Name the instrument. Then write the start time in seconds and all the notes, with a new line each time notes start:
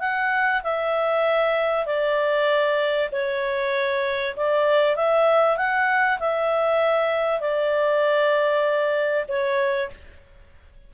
clarinet
0.00 F#5
0.63 E5
1.86 D5
3.12 C#5
4.36 D5
4.96 E5
5.57 F#5
6.19 E5
7.40 D5
9.28 C#5